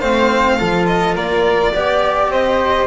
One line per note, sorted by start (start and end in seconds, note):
0.00 0.59 A3
0.00 0.59 C4
0.00 0.57 C5
0.00 0.86 F5
0.58 1.16 F3
0.58 1.73 F4
0.58 1.14 A4
0.87 1.15 D#5
1.14 1.73 A#3
1.14 1.72 A#4
1.14 2.31 D5
1.73 2.28 B3
1.73 2.87 G4
1.73 2.32 D5
2.28 2.86 C4
2.28 2.87 C5
2.28 2.87 D#5